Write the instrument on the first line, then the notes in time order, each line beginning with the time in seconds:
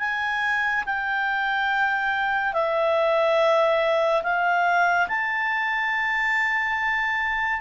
clarinet
0.00 G#5
0.86 G5
2.54 E5
4.23 F5
5.09 A5